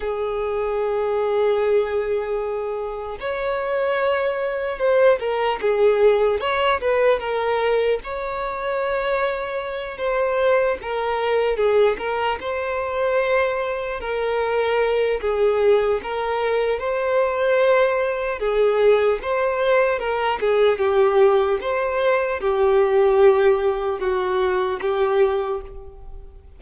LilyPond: \new Staff \with { instrumentName = "violin" } { \time 4/4 \tempo 4 = 75 gis'1 | cis''2 c''8 ais'8 gis'4 | cis''8 b'8 ais'4 cis''2~ | cis''8 c''4 ais'4 gis'8 ais'8 c''8~ |
c''4. ais'4. gis'4 | ais'4 c''2 gis'4 | c''4 ais'8 gis'8 g'4 c''4 | g'2 fis'4 g'4 | }